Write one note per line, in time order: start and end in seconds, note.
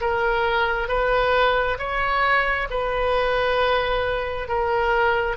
0.00 0.88 A#4
0.88 1.77 B4
1.78 2.68 C#5
2.70 4.48 B4
4.48 5.36 A#4